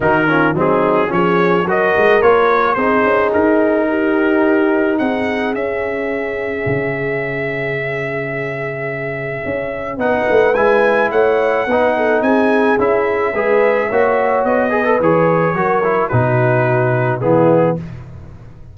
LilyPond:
<<
  \new Staff \with { instrumentName = "trumpet" } { \time 4/4 \tempo 4 = 108 ais'4 gis'4 cis''4 dis''4 | cis''4 c''4 ais'2~ | ais'4 fis''4 e''2~ | e''1~ |
e''2 fis''4 gis''4 | fis''2 gis''4 e''4~ | e''2 dis''4 cis''4~ | cis''4 b'2 gis'4 | }
  \new Staff \with { instrumentName = "horn" } { \time 4/4 fis'8 f'8 dis'4 gis'4 ais'4~ | ais'4 gis'2 g'4~ | g'4 gis'2.~ | gis'1~ |
gis'2 b'2 | cis''4 b'8 a'8 gis'2 | b'4 cis''4. b'4. | ais'4 fis'2 e'4 | }
  \new Staff \with { instrumentName = "trombone" } { \time 4/4 dis'8 cis'8 c'4 cis'4 fis'4 | f'4 dis'2.~ | dis'2 cis'2~ | cis'1~ |
cis'2 dis'4 e'4~ | e'4 dis'2 e'4 | gis'4 fis'4. gis'16 a'16 gis'4 | fis'8 e'8 dis'2 b4 | }
  \new Staff \with { instrumentName = "tuba" } { \time 4/4 dis4 fis4 f4 fis8 gis8 | ais4 c'8 cis'8 dis'2~ | dis'4 c'4 cis'2 | cis1~ |
cis4 cis'4 b8 a8 gis4 | a4 b4 c'4 cis'4 | gis4 ais4 b4 e4 | fis4 b,2 e4 | }
>>